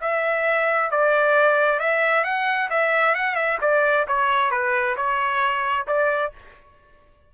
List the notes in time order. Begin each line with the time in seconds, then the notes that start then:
0.00 E5
0.90 D5
1.79 E5
2.24 F#5
2.69 E5
3.14 F#5
3.35 E5
3.61 D5
4.07 C#5
4.51 B4
4.96 C#5
5.87 D5